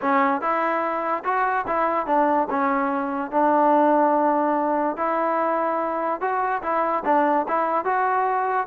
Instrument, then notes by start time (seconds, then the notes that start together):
trombone
0.01 C#4
0.41 E4
1.24 F#4
1.67 E4
2.06 D4
2.49 C#4
3.31 D4
4.96 E4
6.20 F#4
6.62 E4
7.05 D4
7.48 E4
7.84 F#4